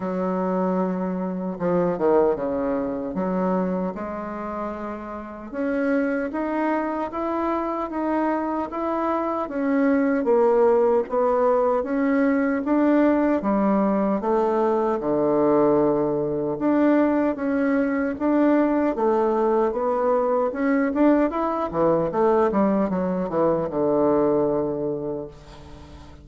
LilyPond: \new Staff \with { instrumentName = "bassoon" } { \time 4/4 \tempo 4 = 76 fis2 f8 dis8 cis4 | fis4 gis2 cis'4 | dis'4 e'4 dis'4 e'4 | cis'4 ais4 b4 cis'4 |
d'4 g4 a4 d4~ | d4 d'4 cis'4 d'4 | a4 b4 cis'8 d'8 e'8 e8 | a8 g8 fis8 e8 d2 | }